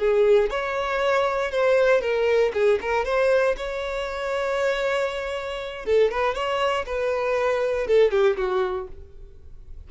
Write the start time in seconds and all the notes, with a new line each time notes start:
0.00 G#4
0.51 C#5
1.52 C5
2.02 A#4
2.54 G#4
2.82 A#4
3.05 C5
3.57 C#5
5.86 A4
6.12 B4
6.35 C#5
6.86 B4
7.88 A4
8.12 G4
8.37 F#4